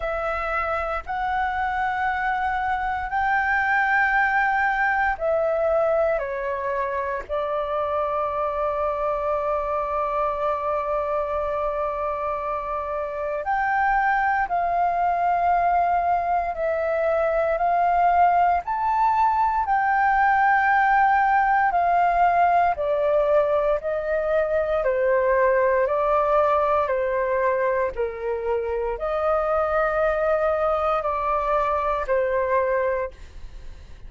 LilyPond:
\new Staff \with { instrumentName = "flute" } { \time 4/4 \tempo 4 = 58 e''4 fis''2 g''4~ | g''4 e''4 cis''4 d''4~ | d''1~ | d''4 g''4 f''2 |
e''4 f''4 a''4 g''4~ | g''4 f''4 d''4 dis''4 | c''4 d''4 c''4 ais'4 | dis''2 d''4 c''4 | }